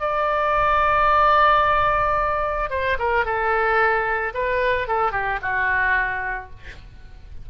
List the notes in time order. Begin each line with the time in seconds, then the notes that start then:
0.00 D5
2.70 C5
2.99 A#4
3.25 A4
4.34 B4
4.88 A4
5.12 G4
5.42 F#4